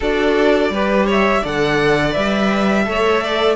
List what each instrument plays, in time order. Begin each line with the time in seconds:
0.00 cello D4, viola F#4, violin A4 D5
0.70 cello G3, viola G4, violin B4
1.06 violin C#5 E5
1.40 cello D3, viola A4, violin D5 F#5
2.11 cello G3, viola B4, violin E5
2.85 cello A3, viola A4, violin C#5
3.23 violin D5